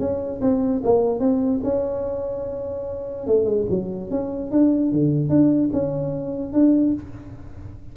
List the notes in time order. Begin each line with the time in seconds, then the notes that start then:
0.00 C#4
0.41 C4
0.84 A#3
1.20 C4
1.64 C#4
3.27 A3
3.45 G#3
3.70 F#3
4.11 C#4
4.51 D4
4.92 D3
5.29 D4
5.73 C#4
6.53 D4